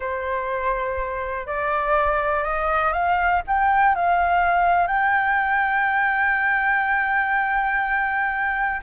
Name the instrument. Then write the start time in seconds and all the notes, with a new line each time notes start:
flute
0.00 C5
1.46 D5
2.43 D#5
2.92 F5
3.47 G5
3.95 F5
4.87 G5